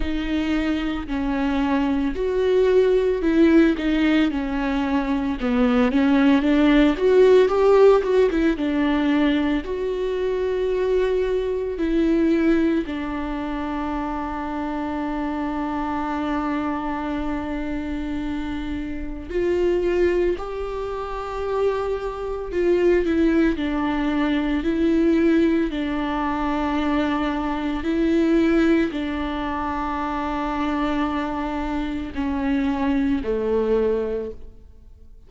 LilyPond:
\new Staff \with { instrumentName = "viola" } { \time 4/4 \tempo 4 = 56 dis'4 cis'4 fis'4 e'8 dis'8 | cis'4 b8 cis'8 d'8 fis'8 g'8 fis'16 e'16 | d'4 fis'2 e'4 | d'1~ |
d'2 f'4 g'4~ | g'4 f'8 e'8 d'4 e'4 | d'2 e'4 d'4~ | d'2 cis'4 a4 | }